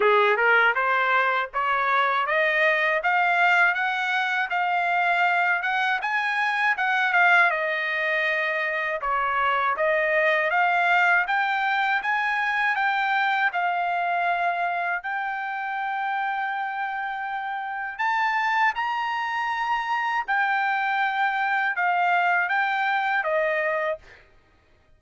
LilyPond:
\new Staff \with { instrumentName = "trumpet" } { \time 4/4 \tempo 4 = 80 gis'8 ais'8 c''4 cis''4 dis''4 | f''4 fis''4 f''4. fis''8 | gis''4 fis''8 f''8 dis''2 | cis''4 dis''4 f''4 g''4 |
gis''4 g''4 f''2 | g''1 | a''4 ais''2 g''4~ | g''4 f''4 g''4 dis''4 | }